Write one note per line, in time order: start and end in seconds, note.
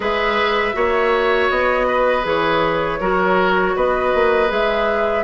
0.00 0.73 G#3
0.00 0.73 G#4
0.00 0.75 B4
0.00 1.50 E5
0.73 1.50 A#3
0.73 2.23 F#4
0.73 1.87 C#5
1.50 2.25 B3
1.50 2.25 D#5
1.87 2.99 B4
2.23 3.00 E3
2.23 2.98 G#4
2.23 3.76 C#5
3.00 3.75 F#3
3.00 4.48 F#4
3.00 3.75 A#4
3.75 4.13 B3
3.75 5.24 B4
3.75 4.51 D#5
4.14 4.50 A#3
4.48 5.24 G#3
4.48 5.23 G#4
4.48 5.24 E5